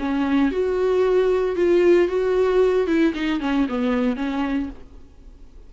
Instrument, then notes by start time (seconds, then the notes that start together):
viola
0.00 C#4
0.52 F#4
1.56 F4
2.09 F#4
2.87 E4
3.15 D#4
3.41 C#4
3.69 B3
4.17 C#4